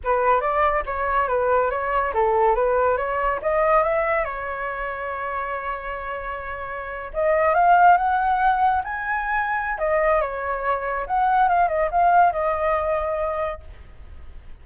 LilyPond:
\new Staff \with { instrumentName = "flute" } { \time 4/4 \tempo 4 = 141 b'4 d''4 cis''4 b'4 | cis''4 a'4 b'4 cis''4 | dis''4 e''4 cis''2~ | cis''1~ |
cis''8. dis''4 f''4 fis''4~ fis''16~ | fis''8. gis''2~ gis''16 dis''4 | cis''2 fis''4 f''8 dis''8 | f''4 dis''2. | }